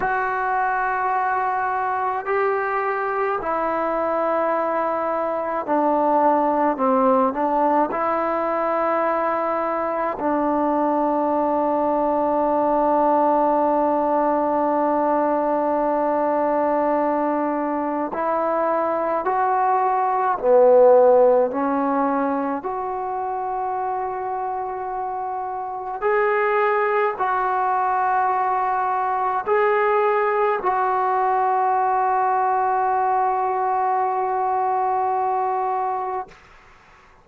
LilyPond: \new Staff \with { instrumentName = "trombone" } { \time 4/4 \tempo 4 = 53 fis'2 g'4 e'4~ | e'4 d'4 c'8 d'8 e'4~ | e'4 d'2.~ | d'1 |
e'4 fis'4 b4 cis'4 | fis'2. gis'4 | fis'2 gis'4 fis'4~ | fis'1 | }